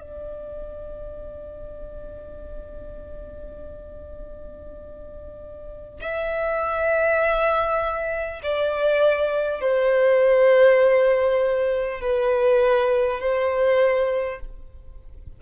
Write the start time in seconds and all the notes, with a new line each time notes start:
0.00 D5
6.01 E5
8.43 D5
9.61 C5
12.01 B4
13.19 C5